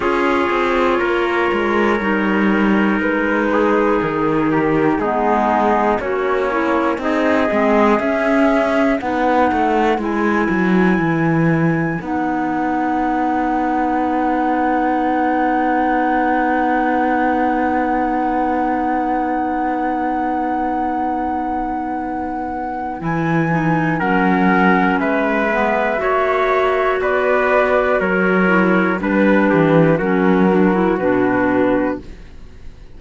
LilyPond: <<
  \new Staff \with { instrumentName = "flute" } { \time 4/4 \tempo 4 = 60 cis''2. b'4 | ais'4 gis'4 cis''4 dis''4 | e''4 fis''4 gis''2 | fis''1~ |
fis''1~ | fis''2. gis''4 | fis''4 e''2 d''4 | cis''4 b'4 ais'4 b'4 | }
  \new Staff \with { instrumentName = "trumpet" } { \time 4/4 gis'4 ais'2~ ais'8 gis'8~ | gis'8 g'8 dis'4 cis'4 gis'4~ | gis'4 b'2.~ | b'1~ |
b'1~ | b'1 | ais'4 b'4 cis''4 b'4 | ais'4 b'8 g'8 fis'2 | }
  \new Staff \with { instrumentName = "clarinet" } { \time 4/4 f'2 dis'2~ | dis'4 b4 fis'8 e'8 dis'8 c'8 | cis'4 dis'4 e'2 | dis'1~ |
dis'1~ | dis'2. e'8 dis'8 | cis'4. b8 fis'2~ | fis'8 e'8 d'4 cis'8 d'16 e'16 d'4 | }
  \new Staff \with { instrumentName = "cello" } { \time 4/4 cis'8 c'8 ais8 gis8 g4 gis4 | dis4 gis4 ais4 c'8 gis8 | cis'4 b8 a8 gis8 fis8 e4 | b1~ |
b1~ | b2. e4 | fis4 gis4 ais4 b4 | fis4 g8 e8 fis4 b,4 | }
>>